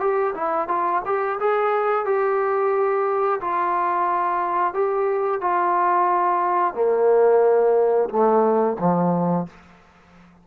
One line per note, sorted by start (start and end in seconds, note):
0.00 0.34 G4
0.34 0.68 E4
0.68 1.02 F4
1.05 1.39 G4
1.39 2.05 G#4
2.05 3.40 G4
3.40 4.74 F4
4.74 5.41 G4
5.41 6.74 F4
6.74 8.09 A#3
8.09 8.77 A3
8.79 9.47 F3